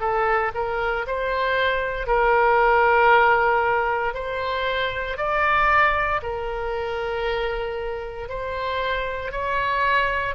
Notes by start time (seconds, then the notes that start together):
0.00 A4
0.55 A#4
1.07 C5
2.07 A#4
4.14 C5
5.18 D5
6.23 A#4
8.29 C5
9.32 C#5